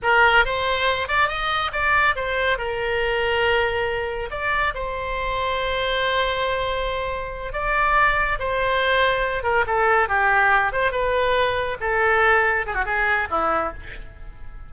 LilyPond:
\new Staff \with { instrumentName = "oboe" } { \time 4/4 \tempo 4 = 140 ais'4 c''4. d''8 dis''4 | d''4 c''4 ais'2~ | ais'2 d''4 c''4~ | c''1~ |
c''4. d''2 c''8~ | c''2 ais'8 a'4 g'8~ | g'4 c''8 b'2 a'8~ | a'4. gis'16 fis'16 gis'4 e'4 | }